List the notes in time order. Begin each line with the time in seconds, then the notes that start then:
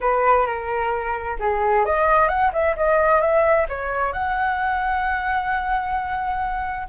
0.00 B4
0.46 A#4
1.39 G#4
1.85 D#5
2.28 F#5
2.53 E5
2.76 D#5
3.20 E5
3.68 C#5
4.12 F#5